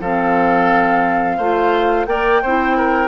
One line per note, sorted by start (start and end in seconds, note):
0.00 1.38 F3
0.00 1.40 C4
0.00 1.37 A4
0.00 2.05 F5
1.37 2.06 A3
1.37 2.06 F4
1.37 2.06 C5
2.05 2.41 A#3
2.05 2.41 A#4
2.05 2.42 D5
2.05 3.08 G5
2.42 3.08 C4
2.42 3.08 E4
2.42 2.76 C5
2.76 3.08 A#4